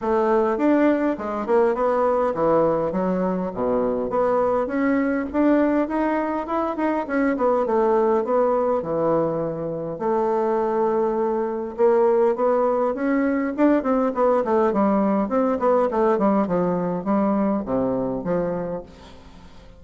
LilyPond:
\new Staff \with { instrumentName = "bassoon" } { \time 4/4 \tempo 4 = 102 a4 d'4 gis8 ais8 b4 | e4 fis4 b,4 b4 | cis'4 d'4 dis'4 e'8 dis'8 | cis'8 b8 a4 b4 e4~ |
e4 a2. | ais4 b4 cis'4 d'8 c'8 | b8 a8 g4 c'8 b8 a8 g8 | f4 g4 c4 f4 | }